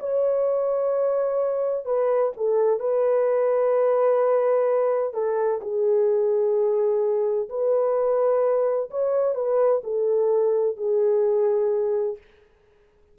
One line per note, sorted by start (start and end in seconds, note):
0.00 1.85 C#5
1.85 2.32 B4
2.37 2.80 A4
2.80 5.14 B4
5.14 5.61 A4
5.62 7.49 G#4
7.50 8.90 B4
8.91 9.35 C#5
9.35 9.82 B4
9.84 10.77 A4
10.77 12.18 G#4